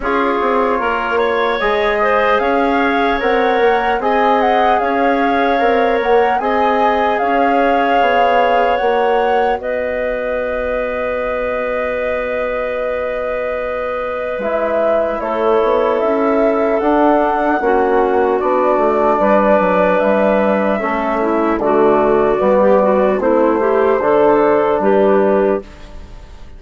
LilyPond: <<
  \new Staff \with { instrumentName = "flute" } { \time 4/4 \tempo 4 = 75 cis''2 dis''4 f''4 | fis''4 gis''8 fis''8 f''4. fis''8 | gis''4 f''2 fis''4 | dis''1~ |
dis''2 e''4 cis''4 | e''4 fis''2 d''4~ | d''4 e''2 d''4~ | d''4 c''2 b'4 | }
  \new Staff \with { instrumentName = "clarinet" } { \time 4/4 gis'4 ais'8 cis''4 c''8 cis''4~ | cis''4 dis''4 cis''2 | dis''4 cis''2. | b'1~ |
b'2. a'4~ | a'2 fis'2 | b'2 a'8 e'8 fis'4~ | fis'16 g'16 fis'8 e'8 g'8 a'4 g'4 | }
  \new Staff \with { instrumentName = "trombone" } { \time 4/4 f'2 gis'2 | ais'4 gis'2 ais'4 | gis'2. fis'4~ | fis'1~ |
fis'2 e'2~ | e'4 d'4 cis'4 d'4~ | d'2 cis'4 a4 | b4 c'8 e'8 d'2 | }
  \new Staff \with { instrumentName = "bassoon" } { \time 4/4 cis'8 c'8 ais4 gis4 cis'4 | c'8 ais8 c'4 cis'4 c'8 ais8 | c'4 cis'4 b4 ais4 | b1~ |
b2 gis4 a8 b8 | cis'4 d'4 ais4 b8 a8 | g8 fis8 g4 a4 d4 | g4 a4 d4 g4 | }
>>